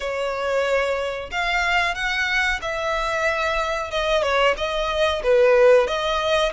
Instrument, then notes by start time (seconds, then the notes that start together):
violin
0.00 C#5
1.31 F5
1.94 F#5
2.61 E5
3.90 D#5
4.22 C#5
4.57 D#5
5.23 B4
5.87 D#5